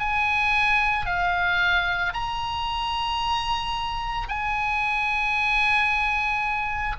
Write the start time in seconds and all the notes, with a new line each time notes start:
0.00 G#5
1.06 F5
2.14 A#5
4.29 G#5